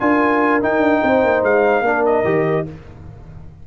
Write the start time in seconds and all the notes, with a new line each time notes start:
0.00 D4 F4 A#4 G#5
0.62 D#4 G5
0.80 D4
1.02 C4 C5
1.24 A#3
1.43 G#3 F5
1.82 A#3 D4 A#4
2.06 D#5
2.25 D#3 G4